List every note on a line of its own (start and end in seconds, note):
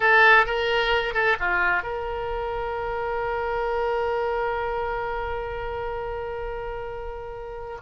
0.00 0.45 A4
0.45 1.13 A#4
1.13 1.36 A4
1.39 1.82 F4
1.82 7.78 A#4